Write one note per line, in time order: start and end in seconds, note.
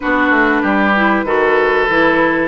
0.00 0.30 B3
0.00 0.94 D4
0.00 0.62 F#4
0.00 2.48 B4
0.30 0.61 A3
0.62 1.24 G3
0.62 1.24 G4
0.95 1.26 E4
1.24 1.86 D#3
1.24 1.88 F#4
1.24 2.48 A4
1.88 2.48 E3
1.88 2.48 E4